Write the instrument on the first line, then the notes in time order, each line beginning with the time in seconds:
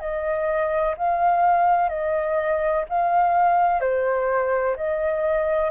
flute
0.00 D#5
0.97 F5
1.89 D#5
2.89 F5
3.81 C5
4.76 D#5